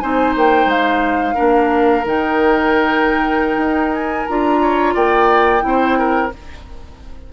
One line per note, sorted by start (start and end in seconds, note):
0.00 0.36 C4
0.00 1.35 D#4
0.00 1.35 C5
0.00 0.34 G#5
0.36 0.65 A#3
0.36 0.70 G5
0.65 1.34 G#3
0.65 2.07 F5
1.35 2.05 A#3
1.35 2.03 D4
1.35 4.59 A#4
2.05 3.57 D#3
2.05 4.28 D#4
2.05 3.93 G5
3.57 4.25 D#4
3.93 4.27 G#5
4.27 4.95 D4
4.27 5.61 F4
4.27 4.95 A#5
4.62 4.94 C#5
4.94 5.64 A#3
4.94 5.63 D5
4.94 6.32 G5
5.61 6.33 C4
5.61 6.29 E4
5.67 5.99 C5
5.99 6.33 A#4